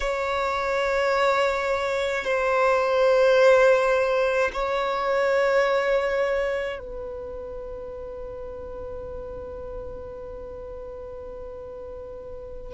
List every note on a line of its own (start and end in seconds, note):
0.00 2.24 C#5
2.24 4.50 C5
4.53 6.79 C#5
6.79 12.73 B4